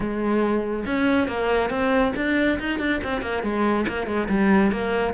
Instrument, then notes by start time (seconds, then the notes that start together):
cello
0.00 G#3
0.86 C#4
1.27 A#3
1.70 C4
2.16 D4
2.59 D#4
2.79 D4
3.03 C4
3.21 A#3
3.42 G#3
3.87 A#3
4.06 G#3
4.28 G3
4.71 A#3